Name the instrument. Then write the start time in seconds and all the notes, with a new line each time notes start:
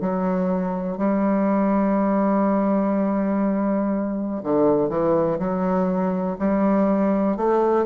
bassoon
0.00 F#3
0.97 G3
4.43 D3
4.89 E3
5.38 F#3
6.38 G3
7.36 A3